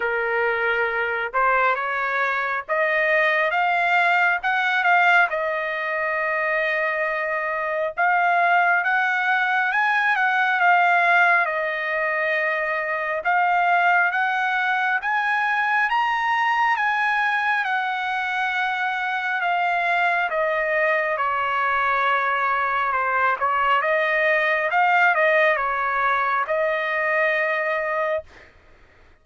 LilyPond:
\new Staff \with { instrumentName = "trumpet" } { \time 4/4 \tempo 4 = 68 ais'4. c''8 cis''4 dis''4 | f''4 fis''8 f''8 dis''2~ | dis''4 f''4 fis''4 gis''8 fis''8 | f''4 dis''2 f''4 |
fis''4 gis''4 ais''4 gis''4 | fis''2 f''4 dis''4 | cis''2 c''8 cis''8 dis''4 | f''8 dis''8 cis''4 dis''2 | }